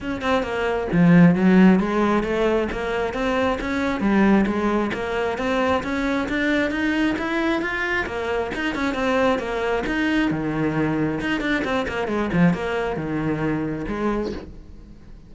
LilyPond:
\new Staff \with { instrumentName = "cello" } { \time 4/4 \tempo 4 = 134 cis'8 c'8 ais4 f4 fis4 | gis4 a4 ais4 c'4 | cis'4 g4 gis4 ais4 | c'4 cis'4 d'4 dis'4 |
e'4 f'4 ais4 dis'8 cis'8 | c'4 ais4 dis'4 dis4~ | dis4 dis'8 d'8 c'8 ais8 gis8 f8 | ais4 dis2 gis4 | }